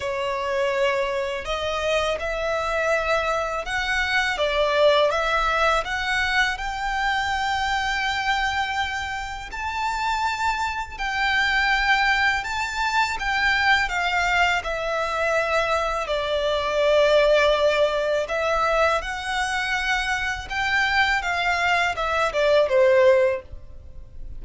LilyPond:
\new Staff \with { instrumentName = "violin" } { \time 4/4 \tempo 4 = 82 cis''2 dis''4 e''4~ | e''4 fis''4 d''4 e''4 | fis''4 g''2.~ | g''4 a''2 g''4~ |
g''4 a''4 g''4 f''4 | e''2 d''2~ | d''4 e''4 fis''2 | g''4 f''4 e''8 d''8 c''4 | }